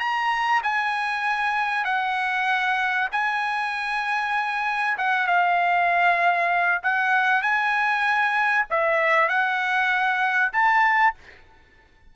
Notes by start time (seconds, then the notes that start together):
0.00 A#5
0.64 G#5
1.85 F#5
3.12 G#5
4.98 F#5
5.27 F5
6.84 F#5
7.42 G#5
8.71 E5
9.29 F#5
10.53 A5